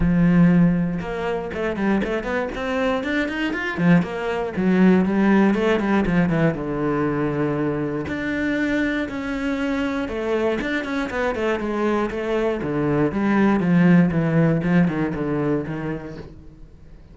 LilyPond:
\new Staff \with { instrumentName = "cello" } { \time 4/4 \tempo 4 = 119 f2 ais4 a8 g8 | a8 b8 c'4 d'8 dis'8 f'8 f8 | ais4 fis4 g4 a8 g8 | f8 e8 d2. |
d'2 cis'2 | a4 d'8 cis'8 b8 a8 gis4 | a4 d4 g4 f4 | e4 f8 dis8 d4 dis4 | }